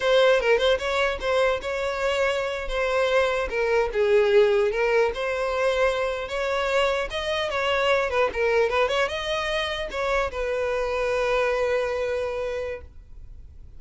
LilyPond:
\new Staff \with { instrumentName = "violin" } { \time 4/4 \tempo 4 = 150 c''4 ais'8 c''8 cis''4 c''4 | cis''2~ cis''8. c''4~ c''16~ | c''8. ais'4 gis'2 ais'16~ | ais'8. c''2. cis''16~ |
cis''4.~ cis''16 dis''4 cis''4~ cis''16~ | cis''16 b'8 ais'4 b'8 cis''8 dis''4~ dis''16~ | dis''8. cis''4 b'2~ b'16~ | b'1 | }